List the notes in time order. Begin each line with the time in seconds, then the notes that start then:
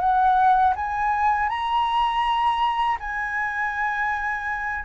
0.00 F#5
0.76 G#5
1.49 A#5
3.00 G#5